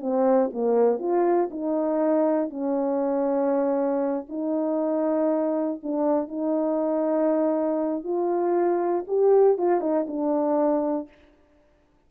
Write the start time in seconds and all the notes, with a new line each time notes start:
0.00 C4
0.53 A#3
0.99 F4
1.51 D#4
2.50 C#4
4.29 D#4
5.83 D4
6.28 D#4
8.04 F4
9.07 G4
9.58 F4
9.80 D#4
10.07 D4